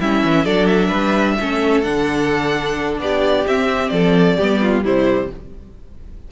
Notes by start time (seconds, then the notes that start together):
0.00 G3 C#4 E4 E5
0.24 E3
0.44 F#3 D4 A4 D5
0.66 E5
0.88 G3 B4
1.39 A3 C#4 A4
1.82 D3 D4 F#5
2.99 B3 G4 D5
3.47 C4 E5
3.89 F3 A4 D5
4.37 G3 B3 G4
4.62 F4
4.84 C3 G3 E4 C5